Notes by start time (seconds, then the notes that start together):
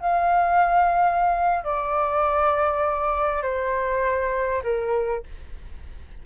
0.00 F5
1.64 D5
3.43 C5
4.63 A#4